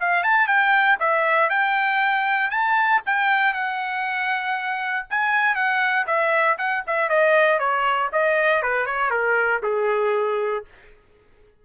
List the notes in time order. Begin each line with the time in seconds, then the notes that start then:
0.00 F5
0.23 A5
0.47 G5
0.99 E5
1.50 G5
2.50 A5
3.06 G5
3.53 F#5
5.10 G#5
5.55 F#5
6.06 E5
6.58 F#5
6.87 E5
7.09 D#5
7.59 C#5
8.12 D#5
8.62 B4
8.86 C#5
9.10 A#4
9.63 G#4